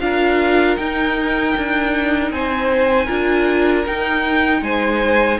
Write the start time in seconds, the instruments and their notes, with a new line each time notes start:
0.00 cello D4, viola F4, violin A#4 F5
0.76 cello D#4, viola D#4, violin G5
1.57 cello D4
2.30 cello C4, violin C5 G#5
3.06 cello D4, viola F4, violin A#4
3.85 viola D#4, cello D#4, violin G5
4.62 cello G#3, violin C5 G#5